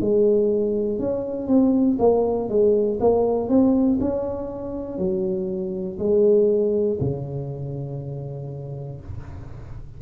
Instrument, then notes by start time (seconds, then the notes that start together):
tuba
0.00 G#3
0.99 C#4
1.47 C4
1.99 A#3
2.48 G#3
3.00 A#3
3.49 C4
4.00 C#4
4.98 F#3
5.99 G#3
7.00 C#3